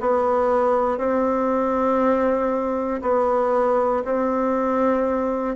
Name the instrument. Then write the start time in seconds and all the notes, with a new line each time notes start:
bassoon
0.00 B3
0.98 C4
3.01 B3
4.04 C4